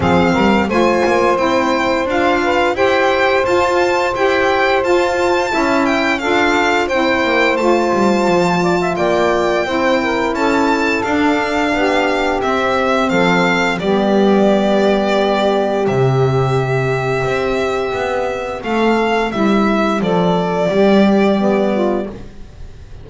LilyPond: <<
  \new Staff \with { instrumentName = "violin" } { \time 4/4 \tempo 4 = 87 f''4 gis''4 g''4 f''4 | g''4 a''4 g''4 a''4~ | a''8 g''8 f''4 g''4 a''4~ | a''4 g''2 a''4 |
f''2 e''4 f''4 | d''2. e''4~ | e''2. f''4 | e''4 d''2. | }
  \new Staff \with { instrumentName = "saxophone" } { \time 4/4 gis'8 ais'8 c''2~ c''8 b'8 | c''1 | e''4 a'4 c''2~ | c''8 d''16 e''16 d''4 c''8 ais'8 a'4~ |
a'4 g'2 a'4 | g'1~ | g'2. a'4 | e'4 a'4 g'4. f'8 | }
  \new Staff \with { instrumentName = "saxophone" } { \time 4/4 c'4 f'4 e'4 f'4 | g'4 f'4 g'4 f'4 | e'4 f'4 e'4 f'4~ | f'2 e'2 |
d'2 c'2 | b2. c'4~ | c'1~ | c'2. b4 | }
  \new Staff \with { instrumentName = "double bass" } { \time 4/4 f8 g8 a8 ais8 c'4 d'4 | e'4 f'4 e'4 f'4 | cis'4 d'4 c'8 ais8 a8 g8 | f4 ais4 c'4 cis'4 |
d'4 b4 c'4 f4 | g2. c4~ | c4 c'4 b4 a4 | g4 f4 g2 | }
>>